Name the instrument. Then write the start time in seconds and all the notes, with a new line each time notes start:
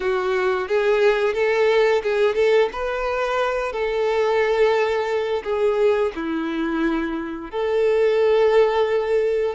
violin
0.00 F#4
0.68 G#4
1.34 A4
2.02 G#4
2.35 A4
2.72 B4
3.72 A4
5.43 G#4
6.15 E4
7.50 A4